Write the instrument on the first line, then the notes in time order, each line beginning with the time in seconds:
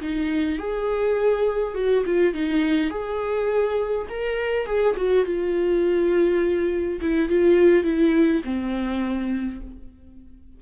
viola
0.00 D#4
0.58 G#4
1.74 F#4
2.05 F4
2.33 D#4
2.90 G#4
4.09 A#4
4.66 G#4
4.96 F#4
5.25 F4
7.01 E4
7.29 F4
7.83 E4
8.44 C4